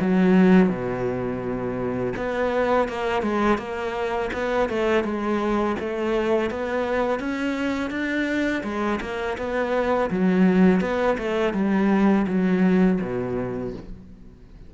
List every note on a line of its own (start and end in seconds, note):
0.00 0.69 F#3
0.69 2.13 B2
2.16 2.88 B3
2.88 3.22 A#3
3.22 3.58 G#3
3.58 4.30 A#3
4.33 4.69 B3
4.69 5.04 A3
5.04 5.76 G#3
5.79 6.50 A3
6.50 7.19 B3
7.19 7.90 C#4
7.90 8.63 D4
8.64 9.00 G#3
9.01 9.37 A#3
9.37 10.10 B3
10.10 10.81 F#3
10.81 11.17 B3
11.18 11.54 A3
11.54 12.26 G3
12.27 13.00 F#3
13.01 13.73 B2